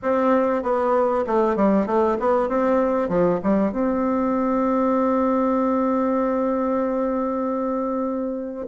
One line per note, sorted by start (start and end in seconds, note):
0.02 0.62 C4
0.62 1.24 B3
1.27 1.55 A3
1.55 1.86 G3
1.86 2.17 A3
2.19 2.49 B3
2.49 3.08 C4
3.08 3.39 F3
3.43 3.72 G3
3.72 8.67 C4